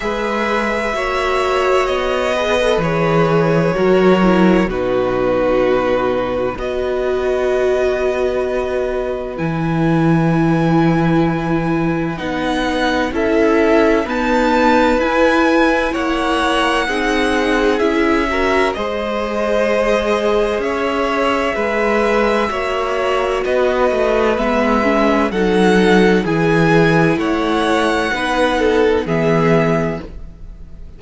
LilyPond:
<<
  \new Staff \with { instrumentName = "violin" } { \time 4/4 \tempo 4 = 64 e''2 dis''4 cis''4~ | cis''4 b'2 dis''4~ | dis''2 gis''2~ | gis''4 fis''4 e''4 a''4 |
gis''4 fis''2 e''4 | dis''2 e''2~ | e''4 dis''4 e''4 fis''4 | gis''4 fis''2 e''4 | }
  \new Staff \with { instrumentName = "violin" } { \time 4/4 b'4 cis''4. b'4. | ais'4 fis'2 b'4~ | b'1~ | b'2 a'4 b'4~ |
b'4 cis''4 gis'4. ais'8 | c''2 cis''4 b'4 | cis''4 b'2 a'4 | gis'4 cis''4 b'8 a'8 gis'4 | }
  \new Staff \with { instrumentName = "viola" } { \time 4/4 gis'4 fis'4. gis'16 a'16 gis'4 | fis'8 e'8 dis'2 fis'4~ | fis'2 e'2~ | e'4 dis'4 e'4 b4 |
e'2 dis'4 e'8 fis'8 | gis'1 | fis'2 b8 cis'8 dis'4 | e'2 dis'4 b4 | }
  \new Staff \with { instrumentName = "cello" } { \time 4/4 gis4 ais4 b4 e4 | fis4 b,2 b4~ | b2 e2~ | e4 b4 cis'4 dis'4 |
e'4 ais4 c'4 cis'4 | gis2 cis'4 gis4 | ais4 b8 a8 gis4 fis4 | e4 a4 b4 e4 | }
>>